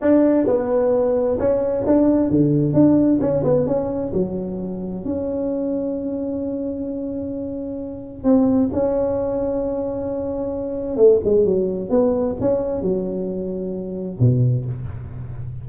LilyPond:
\new Staff \with { instrumentName = "tuba" } { \time 4/4 \tempo 4 = 131 d'4 b2 cis'4 | d'4 d4 d'4 cis'8 b8 | cis'4 fis2 cis'4~ | cis'1~ |
cis'2 c'4 cis'4~ | cis'1 | a8 gis8 fis4 b4 cis'4 | fis2. b,4 | }